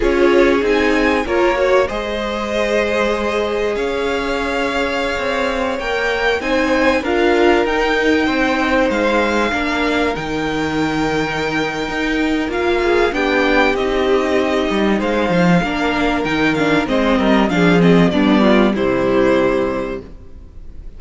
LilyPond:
<<
  \new Staff \with { instrumentName = "violin" } { \time 4/4 \tempo 4 = 96 cis''4 gis''4 cis''4 dis''4~ | dis''2 f''2~ | f''4~ f''16 g''4 gis''4 f''8.~ | f''16 g''2 f''4.~ f''16~ |
f''16 g''2.~ g''8. | f''4 g''4 dis''2 | f''2 g''8 f''8 dis''4 | f''8 dis''8 d''4 c''2 | }
  \new Staff \with { instrumentName = "violin" } { \time 4/4 gis'2 ais'8 cis''8 c''4~ | c''2 cis''2~ | cis''2~ cis''16 c''4 ais'8.~ | ais'4~ ais'16 c''2 ais'8.~ |
ais'1~ | ais'8 gis'8 g'2. | c''4 ais'2 c''8 ais'8 | gis'4 d'8 f'8 e'2 | }
  \new Staff \with { instrumentName = "viola" } { \time 4/4 f'4 dis'4 f'8 fis'8 gis'4~ | gis'1~ | gis'4~ gis'16 ais'4 dis'4 f'8.~ | f'16 dis'2. d'8.~ |
d'16 dis'2.~ dis'8. | f'4 d'4 dis'2~ | dis'4 d'4 dis'8 d'8 c'4 | d'8 c'8 b4 g2 | }
  \new Staff \with { instrumentName = "cello" } { \time 4/4 cis'4 c'4 ais4 gis4~ | gis2 cis'2~ | cis'16 c'4 ais4 c'4 d'8.~ | d'16 dis'4 c'4 gis4 ais8.~ |
ais16 dis2~ dis8. dis'4 | ais4 b4 c'4. g8 | gis8 f8 ais4 dis4 gis8 g8 | f4 g4 c2 | }
>>